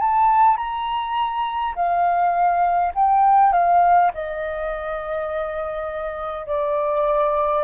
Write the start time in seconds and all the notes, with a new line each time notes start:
0.00 A5
0.57 A#5
1.75 F5
2.95 G5
3.53 F5
4.14 D#5
6.47 D5